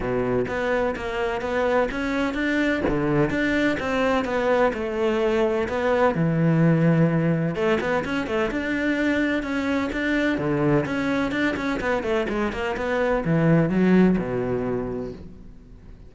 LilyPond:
\new Staff \with { instrumentName = "cello" } { \time 4/4 \tempo 4 = 127 b,4 b4 ais4 b4 | cis'4 d'4 d4 d'4 | c'4 b4 a2 | b4 e2. |
a8 b8 cis'8 a8 d'2 | cis'4 d'4 d4 cis'4 | d'8 cis'8 b8 a8 gis8 ais8 b4 | e4 fis4 b,2 | }